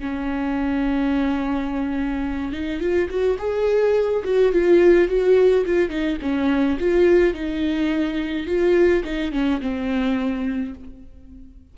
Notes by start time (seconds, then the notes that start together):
0.00 C#4
2.53 D#4
2.81 F4
3.10 F#4
3.39 G#4
4.24 F#4
4.52 F4
5.08 F#4
5.66 F4
5.89 D#4
6.22 C#4
6.80 F4
7.34 D#4
8.47 F4
9.05 D#4
9.32 C#4
9.61 C4